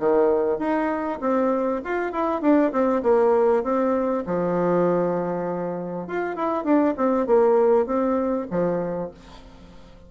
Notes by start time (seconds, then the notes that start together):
0.00 D#3
0.59 D#4
1.21 C4
1.85 F4
2.12 E4
2.42 D4
2.72 C4
3.03 A#3
3.64 C4
4.26 F3
6.08 F4
6.36 E4
6.64 D4
6.98 C4
7.27 A#3
7.86 C4
8.51 F3